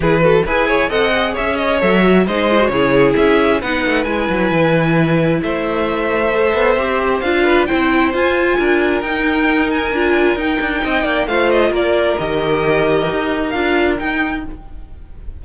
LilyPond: <<
  \new Staff \with { instrumentName = "violin" } { \time 4/4 \tempo 4 = 133 b'4 gis''4 fis''4 e''8 dis''8 | e''4 dis''4 cis''4 e''4 | fis''4 gis''2. | e''1 |
f''4 g''4 gis''2 | g''4. gis''4. g''4~ | g''4 f''8 dis''8 d''4 dis''4~ | dis''2 f''4 g''4 | }
  \new Staff \with { instrumentName = "violin" } { \time 4/4 gis'8 a'8 b'8 cis''8 dis''4 cis''4~ | cis''4 c''4 gis'2 | b'1 | c''1~ |
c''8 b'8 c''2 ais'4~ | ais'1 | dis''8 d''8 c''4 ais'2~ | ais'1 | }
  \new Staff \with { instrumentName = "viola" } { \time 4/4 e'8 fis'8 gis'4 a'8 gis'4. | a'8 fis'8 dis'8 e'16 fis'16 e'2 | dis'4 e'2.~ | e'2 a'4 g'4 |
f'4 e'4 f'2 | dis'2 f'4 dis'4~ | dis'4 f'2 g'4~ | g'2 f'4 dis'4 | }
  \new Staff \with { instrumentName = "cello" } { \time 4/4 e4 e'4 c'4 cis'4 | fis4 gis4 cis4 cis'4 | b8 a8 gis8 fis8 e2 | a2~ a8 b8 c'4 |
d'4 c'4 f'4 d'4 | dis'2 d'4 dis'8 d'8 | c'8 ais8 a4 ais4 dis4~ | dis4 dis'4 d'4 dis'4 | }
>>